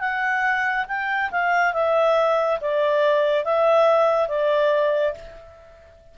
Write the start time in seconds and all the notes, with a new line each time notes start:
0.00 F#5
0.88 G5
1.31 F5
1.74 E5
2.61 D5
3.45 E5
4.29 D5